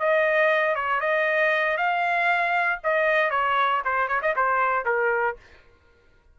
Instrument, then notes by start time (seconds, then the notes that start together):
trumpet
0.00 D#5
0.76 C#5
1.00 D#5
1.77 F5
2.84 D#5
3.31 C#5
3.85 C5
4.08 C#5
4.22 D#5
4.36 C5
4.86 A#4